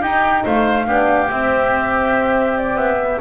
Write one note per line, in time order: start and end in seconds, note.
0.00 0.85 D#4
0.00 0.44 D#4
0.00 0.43 G4
0.00 0.45 G5
0.45 0.88 A3
0.45 0.87 C5
0.45 1.31 F5
0.87 1.30 B3
0.87 1.30 D4
0.87 3.21 G4
1.31 2.76 C4
1.31 3.00 C4
1.31 2.58 E5
2.58 2.77 D5
2.76 3.18 B3
2.76 3.20 E5
3.00 3.21 B3